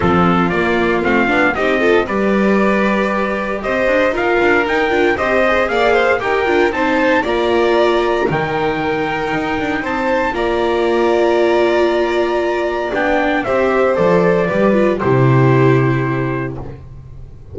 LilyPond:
<<
  \new Staff \with { instrumentName = "trumpet" } { \time 4/4 \tempo 4 = 116 a'4 d''4 f''4 dis''4 | d''2. dis''4 | f''4 g''4 dis''4 f''4 | g''4 a''4 ais''2 |
g''2. a''4 | ais''1~ | ais''4 g''4 e''4 d''4~ | d''4 c''2. | }
  \new Staff \with { instrumentName = "violin" } { \time 4/4 f'2. g'8 a'8 | b'2. c''4 | ais'2 c''4 d''8 c''8 | ais'4 c''4 d''2 |
ais'2. c''4 | d''1~ | d''2 c''2 | b'4 g'2. | }
  \new Staff \with { instrumentName = "viola" } { \time 4/4 c'4 ais4 c'8 d'8 dis'8 f'8 | g'1 | f'4 dis'8 f'8 g'8 gis'4. | g'8 f'8 dis'4 f'2 |
dis'1 | f'1~ | f'4 d'4 g'4 a'4 | g'8 f'8 e'2. | }
  \new Staff \with { instrumentName = "double bass" } { \time 4/4 f4 ais4 a8 b8 c'4 | g2. c'8 d'8 | dis'8 d'8 dis'8 d'8 c'4 ais4 | dis'8 d'8 c'4 ais2 |
dis2 dis'8 d'8 c'4 | ais1~ | ais4 b4 c'4 f4 | g4 c2. | }
>>